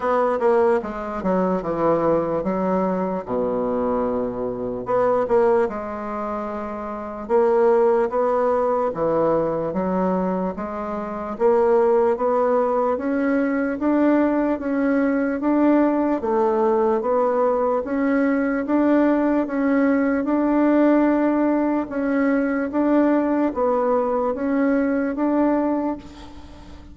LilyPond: \new Staff \with { instrumentName = "bassoon" } { \time 4/4 \tempo 4 = 74 b8 ais8 gis8 fis8 e4 fis4 | b,2 b8 ais8 gis4~ | gis4 ais4 b4 e4 | fis4 gis4 ais4 b4 |
cis'4 d'4 cis'4 d'4 | a4 b4 cis'4 d'4 | cis'4 d'2 cis'4 | d'4 b4 cis'4 d'4 | }